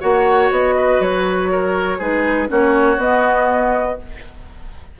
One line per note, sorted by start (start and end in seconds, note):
0.00 0.50 A#3
0.00 1.99 F#4
0.00 0.74 C#5
0.00 0.50 F#5
0.50 1.00 B3
0.50 1.01 D#5
0.77 1.51 B4
1.00 1.99 F#3
1.00 2.01 C#5
1.51 1.98 A#4
1.98 2.49 G#3
1.98 2.48 D#4
1.98 2.48 G#4
1.98 2.50 B4
2.48 2.97 A#3
2.48 2.97 C#4
2.48 3.99 F#4
2.48 3.00 C#5
2.97 3.96 B3
2.97 3.97 B3
2.97 3.99 D#5